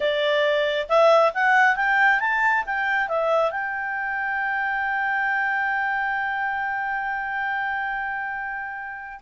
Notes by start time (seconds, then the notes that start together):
0.00 D5
0.88 E5
1.34 F#5
1.76 G5
2.20 A5
2.66 G5
3.08 E5
3.51 G5